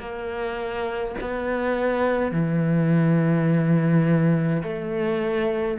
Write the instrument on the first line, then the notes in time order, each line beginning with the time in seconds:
cello
0.00 A#3
1.21 B3
2.32 E3
4.63 A3